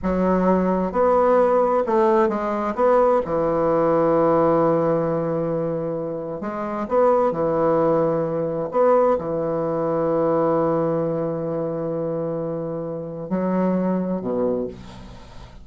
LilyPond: \new Staff \with { instrumentName = "bassoon" } { \time 4/4 \tempo 4 = 131 fis2 b2 | a4 gis4 b4 e4~ | e1~ | e2 gis4 b4 |
e2. b4 | e1~ | e1~ | e4 fis2 b,4 | }